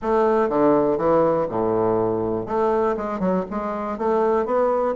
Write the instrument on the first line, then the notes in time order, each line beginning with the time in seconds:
bassoon
0.01 A3
0.49 D3
0.97 E3
1.49 A2
2.45 A3
2.96 G#3
3.19 F#3
3.50 G#3
3.97 A3
4.45 B3